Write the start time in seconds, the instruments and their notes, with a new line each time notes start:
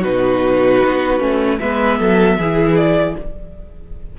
0.00 cello B2, viola D#4, violin F#4 B4
0.84 cello B3
1.20 cello A3, viola C#4
1.59 cello G#3, viola B3, violin B4 E5
2.00 cello F#3, violin A4
2.37 cello E3, viola E4, violin G#4
2.76 violin D5